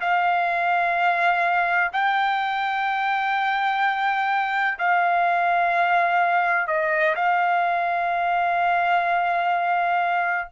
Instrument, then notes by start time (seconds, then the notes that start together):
trumpet
0.00 F5
1.92 G5
4.78 F5
6.67 D#5
7.15 F5